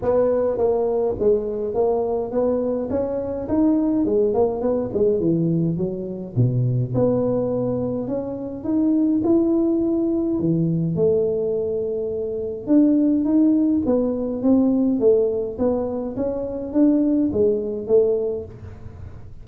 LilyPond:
\new Staff \with { instrumentName = "tuba" } { \time 4/4 \tempo 4 = 104 b4 ais4 gis4 ais4 | b4 cis'4 dis'4 gis8 ais8 | b8 gis8 e4 fis4 b,4 | b2 cis'4 dis'4 |
e'2 e4 a4~ | a2 d'4 dis'4 | b4 c'4 a4 b4 | cis'4 d'4 gis4 a4 | }